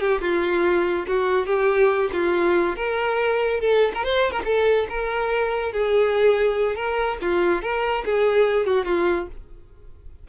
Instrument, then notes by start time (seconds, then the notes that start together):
violin
0.00 G4
0.21 F4
1.07 F#4
1.46 G4
2.12 F4
2.76 A#4
3.60 A4
3.94 A#4
4.04 C5
4.31 A#4
4.45 A4
4.89 A#4
5.72 G#4
6.75 A#4
7.21 F4
7.62 A#4
8.05 G#4
8.66 F#4
8.85 F4